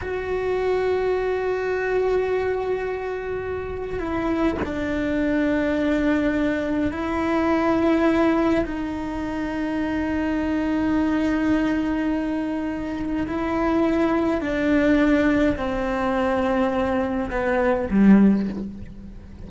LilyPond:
\new Staff \with { instrumentName = "cello" } { \time 4/4 \tempo 4 = 104 fis'1~ | fis'2. e'4 | d'1 | e'2. dis'4~ |
dis'1~ | dis'2. e'4~ | e'4 d'2 c'4~ | c'2 b4 g4 | }